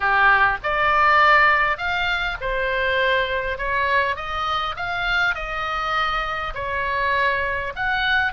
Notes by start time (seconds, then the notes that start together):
0.00 G4
0.63 D5
1.77 F5
2.40 C5
3.58 C#5
4.16 D#5
4.76 F5
5.34 D#5
6.54 C#5
7.75 F#5